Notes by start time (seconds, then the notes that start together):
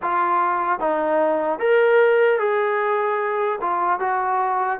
0.01 F4
0.79 D#4
1.59 A#4
2.39 G#4
3.61 F4
3.99 F#4